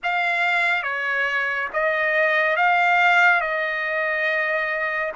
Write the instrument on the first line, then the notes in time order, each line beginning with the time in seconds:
trumpet
0.03 F5
0.83 C#5
1.73 D#5
2.56 F5
3.41 D#5